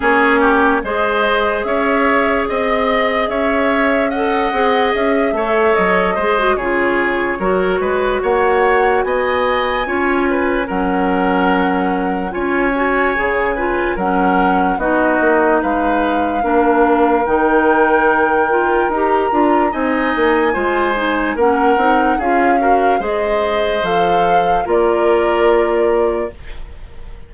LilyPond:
<<
  \new Staff \with { instrumentName = "flute" } { \time 4/4 \tempo 4 = 73 cis''4 dis''4 e''4 dis''4 | e''4 fis''4 e''4 dis''4 | cis''2 fis''4 gis''4~ | gis''4 fis''2 gis''4~ |
gis''4 fis''4 dis''4 f''4~ | f''4 g''2 ais''4 | gis''2 fis''4 f''4 | dis''4 f''4 d''2 | }
  \new Staff \with { instrumentName = "oboe" } { \time 4/4 gis'8 g'8 c''4 cis''4 dis''4 | cis''4 dis''4. cis''4 c''8 | gis'4 ais'8 b'8 cis''4 dis''4 | cis''8 b'8 ais'2 cis''4~ |
cis''8 b'8 ais'4 fis'4 b'4 | ais'1 | dis''4 c''4 ais'4 gis'8 ais'8 | c''2 ais'2 | }
  \new Staff \with { instrumentName = "clarinet" } { \time 4/4 cis'4 gis'2.~ | gis'4 a'8 gis'4 a'4 gis'16 fis'16 | f'4 fis'2. | f'4 cis'2 f'8 fis'8 |
gis'8 f'8 cis'4 dis'2 | d'4 dis'4. f'8 g'8 f'8 | dis'4 f'8 dis'8 cis'8 dis'8 f'8 fis'8 | gis'4 a'4 f'2 | }
  \new Staff \with { instrumentName = "bassoon" } { \time 4/4 ais4 gis4 cis'4 c'4 | cis'4. c'8 cis'8 a8 fis8 gis8 | cis4 fis8 gis8 ais4 b4 | cis'4 fis2 cis'4 |
cis4 fis4 b8 ais8 gis4 | ais4 dis2 dis'8 d'8 | c'8 ais8 gis4 ais8 c'8 cis'4 | gis4 f4 ais2 | }
>>